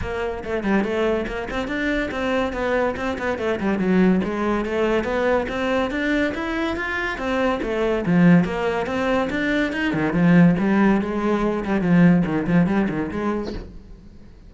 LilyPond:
\new Staff \with { instrumentName = "cello" } { \time 4/4 \tempo 4 = 142 ais4 a8 g8 a4 ais8 c'8 | d'4 c'4 b4 c'8 b8 | a8 g8 fis4 gis4 a4 | b4 c'4 d'4 e'4 |
f'4 c'4 a4 f4 | ais4 c'4 d'4 dis'8 dis8 | f4 g4 gis4. g8 | f4 dis8 f8 g8 dis8 gis4 | }